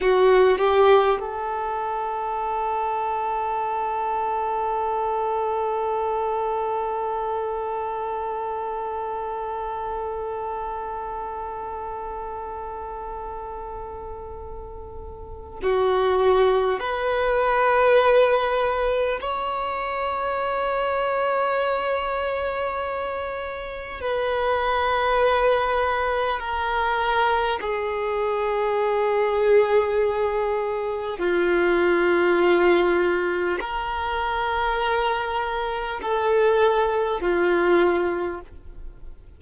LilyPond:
\new Staff \with { instrumentName = "violin" } { \time 4/4 \tempo 4 = 50 fis'8 g'8 a'2.~ | a'1~ | a'1~ | a'4 fis'4 b'2 |
cis''1 | b'2 ais'4 gis'4~ | gis'2 f'2 | ais'2 a'4 f'4 | }